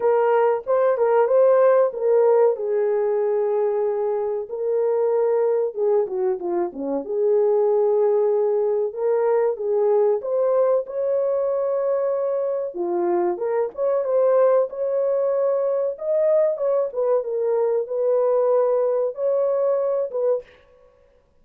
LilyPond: \new Staff \with { instrumentName = "horn" } { \time 4/4 \tempo 4 = 94 ais'4 c''8 ais'8 c''4 ais'4 | gis'2. ais'4~ | ais'4 gis'8 fis'8 f'8 cis'8 gis'4~ | gis'2 ais'4 gis'4 |
c''4 cis''2. | f'4 ais'8 cis''8 c''4 cis''4~ | cis''4 dis''4 cis''8 b'8 ais'4 | b'2 cis''4. b'8 | }